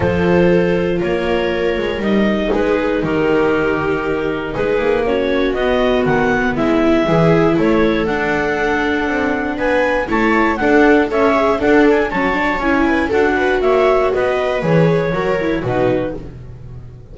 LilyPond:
<<
  \new Staff \with { instrumentName = "clarinet" } { \time 4/4 \tempo 4 = 119 c''2 cis''2 | dis''4 b'4 ais'2~ | ais'4 b'4 cis''4 dis''4 | fis''4 e''2 cis''4 |
fis''2. gis''4 | a''4 fis''4 e''4 fis''8 gis''8 | a''4 gis''4 fis''4 e''4 | dis''4 cis''2 b'4 | }
  \new Staff \with { instrumentName = "viola" } { \time 4/4 a'2 ais'2~ | ais'4 gis'4 g'2~ | g'4 gis'4 fis'2~ | fis'4 e'4 gis'4 a'4~ |
a'2. b'4 | cis''4 a'4 cis''4 a'4 | cis''4. b'8 a'8 b'8 cis''4 | b'2 ais'4 fis'4 | }
  \new Staff \with { instrumentName = "viola" } { \time 4/4 f'1 | dis'1~ | dis'2 cis'4 b4~ | b2 e'2 |
d'1 | e'4 d'4 a'8 gis'8 d'4 | cis'8 d'8 e'4 fis'2~ | fis'4 gis'4 fis'8 e'8 dis'4 | }
  \new Staff \with { instrumentName = "double bass" } { \time 4/4 f2 ais4. gis8 | g4 gis4 dis2~ | dis4 gis8 ais4. b4 | dis4 gis4 e4 a4 |
d'2 c'4 b4 | a4 d'4 cis'4 d'4 | fis4 cis'4 d'4 ais4 | b4 e4 fis4 b,4 | }
>>